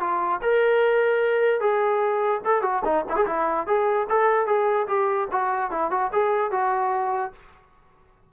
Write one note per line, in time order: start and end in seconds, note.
0.00 0.41 F4
0.42 1.60 A#4
1.60 2.41 G#4
2.45 2.62 A4
2.62 2.82 F#4
2.85 3.05 D#4
3.09 3.16 E4
3.16 3.26 G#4
3.26 3.67 E4
3.67 4.07 G#4
4.09 4.46 A4
4.46 4.87 G#4
4.87 5.28 G4
5.32 5.71 F#4
5.71 5.91 E4
5.91 6.11 F#4
6.12 6.51 G#4
6.51 7.32 F#4